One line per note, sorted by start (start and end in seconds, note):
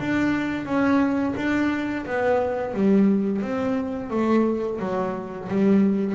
0.00 0.66 D4
0.66 1.34 C#4
1.36 2.05 D4
2.06 2.74 B3
2.74 3.42 G3
3.42 4.11 C4
4.11 4.80 A3
4.80 5.49 F#3
5.49 6.15 G3